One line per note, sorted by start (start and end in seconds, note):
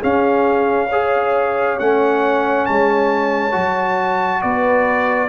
0.00 0.89 C#4
0.00 1.80 C#4
0.00 0.88 G#4
0.00 1.80 F5
0.89 1.80 G#4
0.89 4.42 C#5
1.80 2.68 A3
1.80 3.52 C#4
1.80 2.66 F#5
2.66 3.55 G#3
2.66 4.42 A5
3.52 4.43 F#3
3.52 5.28 F#4
4.42 5.29 B3
4.42 5.29 B4
4.42 5.29 D5